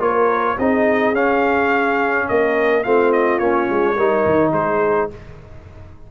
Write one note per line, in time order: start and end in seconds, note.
0.00 0.57 A#3
0.00 0.57 F4
0.00 0.57 A#4
0.00 0.58 C#5
0.58 1.13 C4
0.58 1.15 D#4
0.58 2.28 G#4
0.58 1.15 D#5
1.13 2.27 C#4
1.13 2.84 C#4
1.13 2.28 F5
2.29 2.86 A#3
2.29 2.85 A#4
2.29 2.84 D#5
2.84 3.40 A3
2.84 3.41 C4
2.84 3.96 F4
2.84 3.12 F5
3.13 3.39 D#5
3.39 3.69 A#3
3.39 3.98 C#4
3.39 4.52 C#5
3.70 3.97 G#3
3.96 4.25 G3
3.96 5.11 D#4
3.96 4.52 A#4
4.26 4.53 D#3
4.53 5.09 G#3
4.53 5.12 G#4
4.53 5.10 C5